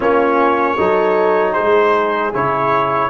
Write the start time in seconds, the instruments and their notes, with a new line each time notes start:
0.00 tuba A#3, trombone C#4, horn F4, trumpet C#5
0.77 tuba F#3, trombone D#4, horn A4
1.53 tuba G#3, horn G#4, trumpet C5
2.33 tuba C#3, trombone E4, trumpet C#5